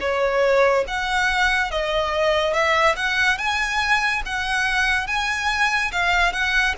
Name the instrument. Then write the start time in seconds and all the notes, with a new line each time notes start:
violin
0.00 C#5
0.87 F#5
1.71 D#5
2.53 E5
2.96 F#5
3.38 G#5
4.25 F#5
5.07 G#5
5.92 F5
6.32 F#5